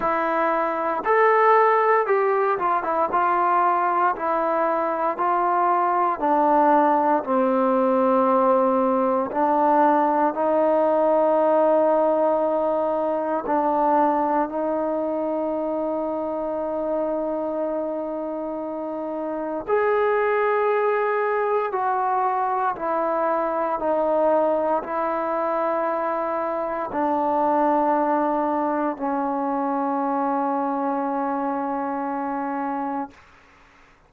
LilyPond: \new Staff \with { instrumentName = "trombone" } { \time 4/4 \tempo 4 = 58 e'4 a'4 g'8 f'16 e'16 f'4 | e'4 f'4 d'4 c'4~ | c'4 d'4 dis'2~ | dis'4 d'4 dis'2~ |
dis'2. gis'4~ | gis'4 fis'4 e'4 dis'4 | e'2 d'2 | cis'1 | }